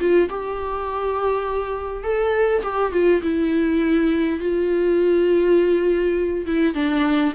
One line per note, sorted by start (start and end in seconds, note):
0.00 0.29 F4
0.30 2.03 G4
2.03 2.62 A4
2.63 2.92 G4
2.92 3.22 F4
3.22 4.40 E4
4.40 6.46 F4
6.46 6.75 E4
6.75 7.33 D4